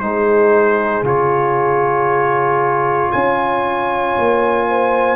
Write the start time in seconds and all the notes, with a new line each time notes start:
0.00 G#3 D#4 G#4 C5
1.03 C#3 F4 C#5
3.12 C#4 C#5 G#5
4.18 A#3
4.69 C5